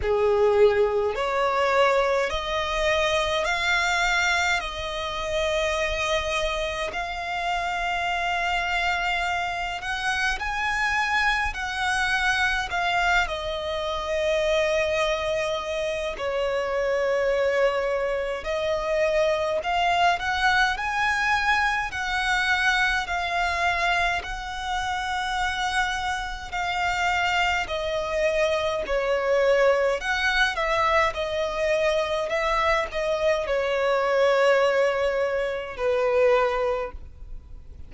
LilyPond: \new Staff \with { instrumentName = "violin" } { \time 4/4 \tempo 4 = 52 gis'4 cis''4 dis''4 f''4 | dis''2 f''2~ | f''8 fis''8 gis''4 fis''4 f''8 dis''8~ | dis''2 cis''2 |
dis''4 f''8 fis''8 gis''4 fis''4 | f''4 fis''2 f''4 | dis''4 cis''4 fis''8 e''8 dis''4 | e''8 dis''8 cis''2 b'4 | }